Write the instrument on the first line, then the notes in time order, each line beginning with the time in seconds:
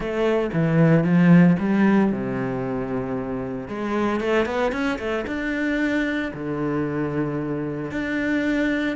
cello
0.00 A3
0.53 E3
1.04 F3
1.59 G3
2.11 C3
3.68 G#3
4.20 A3
4.45 B3
4.72 C#4
4.98 A3
5.26 D4
6.33 D3
7.91 D4